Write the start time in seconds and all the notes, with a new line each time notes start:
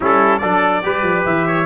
0.00 G3 C#4 E4 A4
0.38 F#3 D4 A4 D5
0.82 G3 G4 B4
1.03 F3
1.25 E3 E5
1.47 C#5